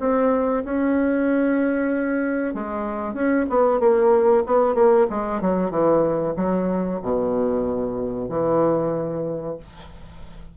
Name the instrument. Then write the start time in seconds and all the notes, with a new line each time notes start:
bassoon
0.00 C4
0.65 C#4
2.54 G#3
3.14 C#4
3.50 B3
3.80 A#3
4.47 B3
4.75 A#3
5.10 G#3
5.41 F#3
5.70 E3
6.36 F#3
7.02 B2
8.29 E3